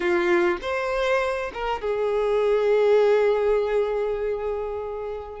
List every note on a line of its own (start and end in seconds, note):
0.00 0.58 F4
0.61 1.51 C5
1.53 1.81 A#4
1.81 5.40 G#4